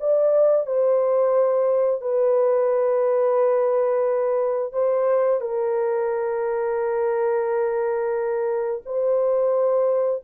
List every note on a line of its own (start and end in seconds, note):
0.00 0.67 D5
0.67 2.01 C5
2.01 4.73 B4
4.73 5.41 C5
5.41 8.82 A#4
8.86 10.22 C5